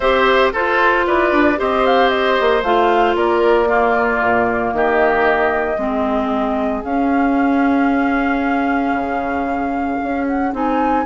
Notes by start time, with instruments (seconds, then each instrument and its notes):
0.00 bassoon C4, clarinet G4, oboe C5, flute E5
0.53 bassoon F4, clarinet F4, oboe A4, flute C5
1.07 bassoon E4, oboe B4, flute D5
1.32 bassoon D4
1.56 bassoon C4, clarinet G4, oboe C5, flute D#5
1.86 flute F5
2.09 flute D#5
2.40 bassoon A#3
2.62 bassoon A3, clarinet F4, flute F5
3.14 bassoon A#3, oboe A#4, flute D5
3.66 clarinet A#3, oboe F4
4.21 bassoon A#2
4.73 bassoon D#3, oboe G4, flute D#5
5.77 bassoon G#3, clarinet C4, oboe G#4
6.84 bassoon C#4, clarinet C#4, flute F5
8.92 bassoon C#3
10.02 bassoon C#4
10.26 flute F#5
10.52 bassoon C4, clarinet D#4, flute G#5